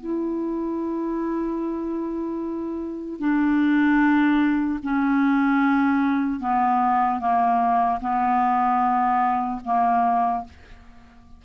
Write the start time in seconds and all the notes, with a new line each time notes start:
0.00 E4
3.20 D4
4.83 C#4
6.40 B3
7.20 A#3
8.00 B3
9.64 A#3